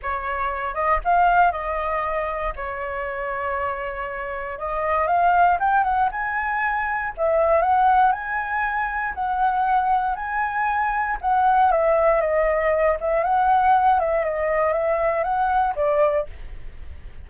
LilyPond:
\new Staff \with { instrumentName = "flute" } { \time 4/4 \tempo 4 = 118 cis''4. dis''8 f''4 dis''4~ | dis''4 cis''2.~ | cis''4 dis''4 f''4 g''8 fis''8 | gis''2 e''4 fis''4 |
gis''2 fis''2 | gis''2 fis''4 e''4 | dis''4. e''8 fis''4. e''8 | dis''4 e''4 fis''4 d''4 | }